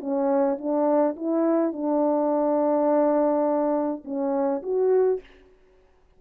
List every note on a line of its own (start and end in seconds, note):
0.00 0.58 C#4
0.58 1.16 D4
1.16 1.72 E4
1.72 4.03 D4
4.04 4.62 C#4
4.62 5.20 F#4